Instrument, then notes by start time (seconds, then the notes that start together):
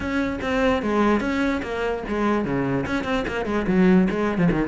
cello
0.00 C#4
0.41 C4
0.82 G#3
1.20 C#4
1.62 A#3
2.08 G#3
2.45 C#3
2.86 C#4
3.03 C4
3.27 A#3
3.45 G#3
3.67 F#3
4.10 G#3
4.38 F3
4.51 D#3